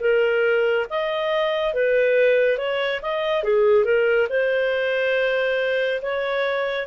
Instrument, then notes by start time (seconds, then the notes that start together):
clarinet
0.00 A#4
0.89 D#5
1.73 B4
2.58 C#5
3.02 D#5
3.43 G#4
3.85 A#4
4.29 C5
6.02 C#5